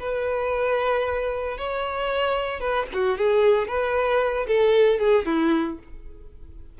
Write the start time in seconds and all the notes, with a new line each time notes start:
0.00 B4
1.58 C#5
2.60 B4
2.94 F#4
3.18 G#4
3.68 B4
4.47 A4
5.00 G#4
5.26 E4